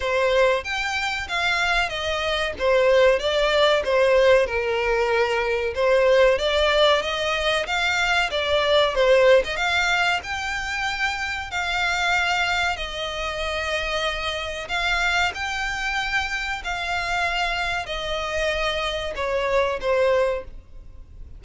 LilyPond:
\new Staff \with { instrumentName = "violin" } { \time 4/4 \tempo 4 = 94 c''4 g''4 f''4 dis''4 | c''4 d''4 c''4 ais'4~ | ais'4 c''4 d''4 dis''4 | f''4 d''4 c''8. dis''16 f''4 |
g''2 f''2 | dis''2. f''4 | g''2 f''2 | dis''2 cis''4 c''4 | }